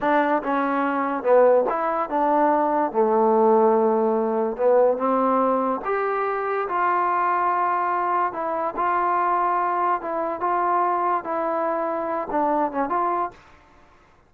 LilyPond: \new Staff \with { instrumentName = "trombone" } { \time 4/4 \tempo 4 = 144 d'4 cis'2 b4 | e'4 d'2 a4~ | a2. b4 | c'2 g'2 |
f'1 | e'4 f'2. | e'4 f'2 e'4~ | e'4. d'4 cis'8 f'4 | }